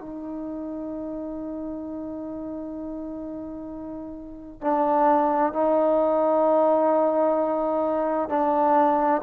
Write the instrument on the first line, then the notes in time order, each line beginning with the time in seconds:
trombone
0.00 D#4
4.61 D4
5.53 D#4
8.29 D4